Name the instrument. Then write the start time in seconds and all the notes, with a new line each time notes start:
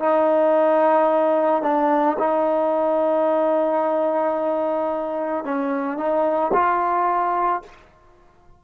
trombone
0.00 D#4
1.63 D4
2.19 D#4
5.45 C#4
5.98 D#4
6.54 F4